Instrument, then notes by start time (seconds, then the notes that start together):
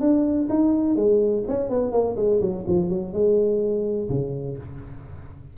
tuba
0.00 D4
0.50 D#4
0.96 G#3
1.48 C#4
1.69 B3
1.92 A#3
2.16 G#3
2.41 F#3
2.67 F3
2.89 F#3
3.13 G#3
4.09 C#3